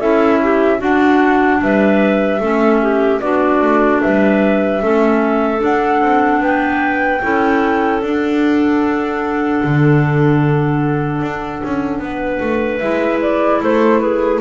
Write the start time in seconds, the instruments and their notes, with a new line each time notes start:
0.00 double bass C#4, clarinet E4 A4, flute E5
0.43 clarinet G4
0.79 clarinet D4 F#4, double bass D4, flute F#5
1.62 double bass G3, clarinet B4, flute E5
2.41 double bass A3, clarinet C#4 A4
2.82 clarinet G4
3.21 double bass B3, clarinet D4 F#4, flute D5
3.62 double bass A3
4.02 double bass G3, clarinet B4, flute E5
4.82 double bass A3, clarinet C#4 A4
5.58 clarinet D4, double bass D4, flute F#5
6.02 double bass C4
6.42 double bass B3, clarinet B4, flute G5
7.23 double bass C#4, clarinet E4 A4
8.02 double bass D4, clarinet D4, flute F#5
9.64 double bass D3
11.22 double bass D4
11.64 double bass C#4
12.00 double bass B3, clarinet B4
12.41 double bass A3
12.79 double bass G#3, clarinet E4, flute E5
13.22 flute D5
13.61 double bass A3, clarinet A4, flute C5
14.00 clarinet G#4, flute B4